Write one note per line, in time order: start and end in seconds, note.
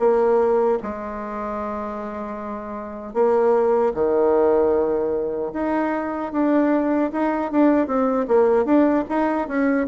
0.00 0.79 A#3
0.83 3.14 G#3
3.14 3.93 A#3
3.95 5.53 D#3
5.53 6.32 D#4
6.32 7.11 D4
7.12 7.52 D#4
7.52 7.87 D4
7.87 8.27 C4
8.28 8.65 A#3
8.65 9.05 D4
9.09 9.48 D#4
9.48 9.88 C#4